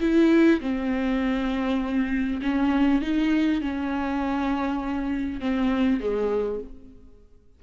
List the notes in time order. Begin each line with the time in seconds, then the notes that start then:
0.00 E4
0.60 C4
2.42 C#4
3.01 D#4
3.61 C#4
5.40 C4
6.00 G#3